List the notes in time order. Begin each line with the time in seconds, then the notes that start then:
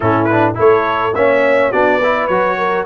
0.00 A2 C#4 E4 A4
0.24 B4
0.31 D4
0.54 A3 E4 A4 C#5
1.14 A#3 C#4 C#5 E5
1.71 B3 D4 F#4 D5
1.97 E4 B4
2.27 F#3 F#4 C#5
2.57 A#4